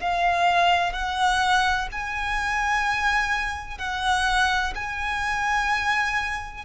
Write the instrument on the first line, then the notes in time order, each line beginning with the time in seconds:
violin
0.00 F5
0.93 F#5
1.92 G#5
3.78 F#5
4.75 G#5